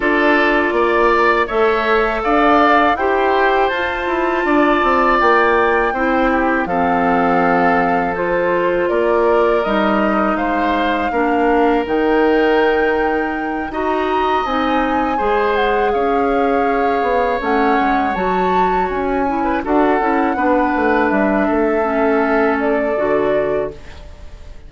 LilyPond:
<<
  \new Staff \with { instrumentName = "flute" } { \time 4/4 \tempo 4 = 81 d''2 e''4 f''4 | g''4 a''2 g''4~ | g''4 f''2 c''4 | d''4 dis''4 f''2 |
g''2~ g''8 ais''4 gis''8~ | gis''4 fis''8 f''2 fis''8~ | fis''8 a''4 gis''4 fis''4.~ | fis''8 e''2 d''4. | }
  \new Staff \with { instrumentName = "oboe" } { \time 4/4 a'4 d''4 cis''4 d''4 | c''2 d''2 | c''8 g'8 a'2. | ais'2 c''4 ais'4~ |
ais'2~ ais'8 dis''4.~ | dis''8 c''4 cis''2~ cis''8~ | cis''2~ cis''16 b'16 a'4 b'8~ | b'4 a'2. | }
  \new Staff \with { instrumentName = "clarinet" } { \time 4/4 f'2 a'2 | g'4 f'2. | e'4 c'2 f'4~ | f'4 dis'2 d'4 |
dis'2~ dis'8 fis'4 dis'8~ | dis'8 gis'2. cis'8~ | cis'8 fis'4. e'8 fis'8 e'8 d'8~ | d'4. cis'4. fis'4 | }
  \new Staff \with { instrumentName = "bassoon" } { \time 4/4 d'4 ais4 a4 d'4 | e'4 f'8 e'8 d'8 c'8 ais4 | c'4 f2. | ais4 g4 gis4 ais4 |
dis2~ dis8 dis'4 c'8~ | c'8 gis4 cis'4. b8 a8 | gis8 fis4 cis'4 d'8 cis'8 b8 | a8 g8 a2 d4 | }
>>